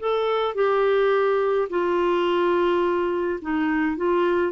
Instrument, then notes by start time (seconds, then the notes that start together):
clarinet
0.00 A4
0.55 G4
1.70 F4
3.42 D#4
3.97 F4